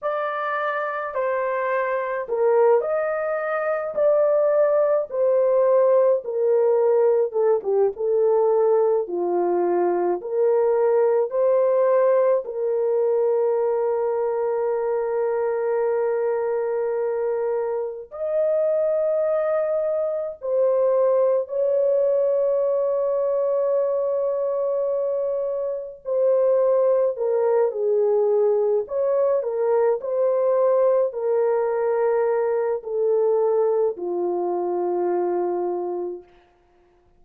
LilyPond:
\new Staff \with { instrumentName = "horn" } { \time 4/4 \tempo 4 = 53 d''4 c''4 ais'8 dis''4 d''8~ | d''8 c''4 ais'4 a'16 g'16 a'4 | f'4 ais'4 c''4 ais'4~ | ais'1 |
dis''2 c''4 cis''4~ | cis''2. c''4 | ais'8 gis'4 cis''8 ais'8 c''4 ais'8~ | ais'4 a'4 f'2 | }